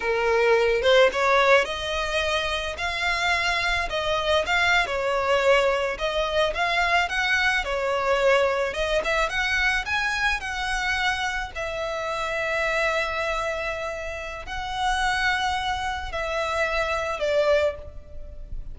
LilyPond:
\new Staff \with { instrumentName = "violin" } { \time 4/4 \tempo 4 = 108 ais'4. c''8 cis''4 dis''4~ | dis''4 f''2 dis''4 | f''8. cis''2 dis''4 f''16~ | f''8. fis''4 cis''2 dis''16~ |
dis''16 e''8 fis''4 gis''4 fis''4~ fis''16~ | fis''8. e''2.~ e''16~ | e''2 fis''2~ | fis''4 e''2 d''4 | }